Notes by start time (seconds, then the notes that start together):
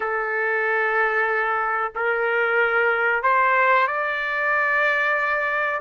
0.00 A4
1.95 A#4
3.22 C5
3.87 D5